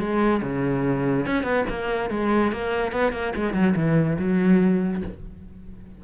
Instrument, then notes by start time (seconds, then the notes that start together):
cello
0.00 G#3
0.43 C#3
1.26 C#4
1.44 B3
1.70 A#3
2.11 G#3
2.53 A#3
2.93 B3
3.13 A#3
3.36 G#3
3.54 F#3
3.76 E3
4.19 F#3